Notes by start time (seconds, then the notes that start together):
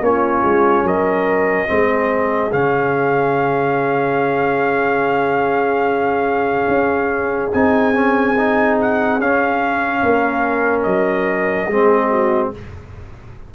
0.00 A#3 C#4 F4 C#5
0.43 G#3
0.83 F#3 A#4 D#5
1.67 G#3 C4 G#4
2.51 C#3 C#4 F5
6.67 C#4
7.53 C4 D#4 G#5
7.94 C#4
8.36 D#4
8.80 F#5
9.19 C#4 F5
10.02 A#3 A#4
10.83 F#3 D#5
11.67 G#3 C4 G#4
12.10 F#4